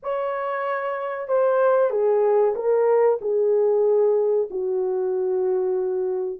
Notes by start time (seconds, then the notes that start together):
0.02 C#5
1.28 C5
1.90 G#4
2.55 A#4
3.21 G#4
4.50 F#4